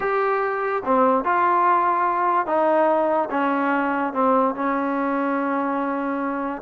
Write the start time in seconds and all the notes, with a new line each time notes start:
0.00 G4
0.85 C4
1.24 F4
2.46 D#4
3.30 C#4
4.13 C4
4.55 C#4